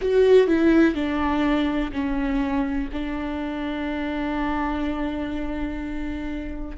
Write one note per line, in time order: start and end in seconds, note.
0.00 0.47 F#4
0.47 0.94 E4
0.94 1.91 D4
1.92 2.89 C#4
2.92 6.77 D4